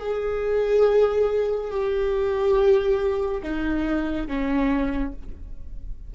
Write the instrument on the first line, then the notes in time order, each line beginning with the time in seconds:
viola
0.00 G#4
1.71 G4
3.43 D#4
4.28 C#4